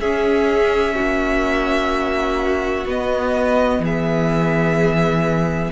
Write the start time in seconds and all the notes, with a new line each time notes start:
0.00 C#4 G#4 E5
0.95 A#3 F#4
2.85 B3 D#5
3.79 E3 G#4 E5